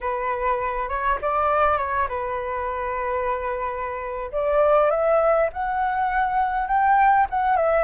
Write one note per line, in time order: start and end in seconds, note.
0.00 0.88 B4
0.88 1.18 C#5
1.21 1.77 D5
1.77 2.07 C#5
2.08 4.31 B4
4.32 4.90 D5
4.90 5.50 E5
5.52 6.67 F#5
6.67 7.26 G5
7.29 7.56 F#5
7.56 7.84 E5